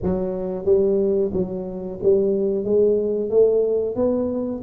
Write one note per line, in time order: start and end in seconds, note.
0.02 0.65 F#3
0.65 1.31 G3
1.33 1.99 F#3
2.02 2.64 G3
2.64 3.30 G#3
3.30 3.95 A3
3.95 4.61 B3